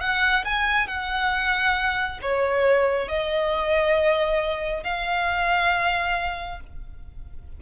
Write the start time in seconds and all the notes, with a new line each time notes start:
0.00 F#5
0.45 G#5
0.87 F#5
2.22 C#5
3.08 D#5
4.84 F5